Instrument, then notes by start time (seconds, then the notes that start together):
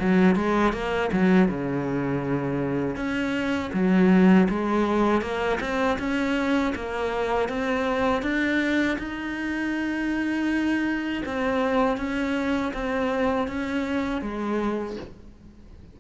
cello
0.00 F#3
0.36 G#3
0.73 A#3
1.12 F#3
1.49 C#3
2.96 C#4
3.73 F#3
4.49 G#3
5.22 A#3
5.61 C4
5.99 C#4
6.75 A#3
7.49 C4
8.23 D4
8.99 D#4
11.26 C4
11.98 C#4
12.74 C4
13.48 C#4
14.22 G#3